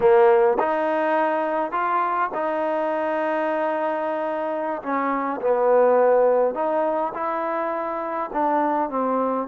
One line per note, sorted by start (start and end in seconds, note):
0.00 0.57 A#3
0.59 1.71 D#4
1.71 2.30 F4
2.34 4.81 D#4
4.82 5.40 C#4
5.41 6.54 B3
6.54 7.12 D#4
7.14 8.30 E4
8.33 8.89 D4
8.89 9.47 C4